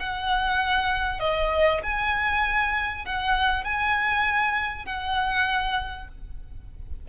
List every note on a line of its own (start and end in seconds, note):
0.00 1.20 F#5
1.20 1.81 D#5
1.83 3.06 G#5
3.06 3.64 F#5
3.64 4.86 G#5
4.86 6.08 F#5